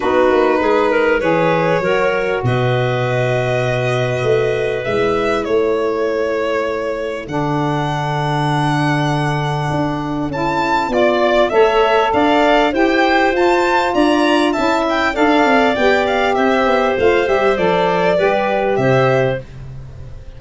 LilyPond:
<<
  \new Staff \with { instrumentName = "violin" } { \time 4/4 \tempo 4 = 99 b'2 cis''2 | dis''1 | e''4 cis''2. | fis''1~ |
fis''4 a''4 d''4 e''4 | f''4 g''4 a''4 ais''4 | a''8 g''8 f''4 g''8 f''8 e''4 | f''8 e''8 d''2 e''4 | }
  \new Staff \with { instrumentName = "clarinet" } { \time 4/4 fis'4 gis'8 ais'8 b'4 ais'4 | b'1~ | b'4 a'2.~ | a'1~ |
a'2 d''4 cis''4 | d''4 c''2 d''4 | e''4 d''2 c''4~ | c''2 b'4 c''4 | }
  \new Staff \with { instrumentName = "saxophone" } { \time 4/4 dis'2 gis'4 fis'4~ | fis'1 | e'1 | d'1~ |
d'4 e'4 f'4 a'4~ | a'4 g'4 f'2 | e'4 a'4 g'2 | f'8 g'8 a'4 g'2 | }
  \new Staff \with { instrumentName = "tuba" } { \time 4/4 b8 ais8 gis4 e4 fis4 | b,2. a4 | gis4 a2. | d1 |
d'4 cis'4 b4 a4 | d'4 e'4 f'4 d'4 | cis'4 d'8 c'8 b4 c'8 b8 | a8 g8 f4 g4 c4 | }
>>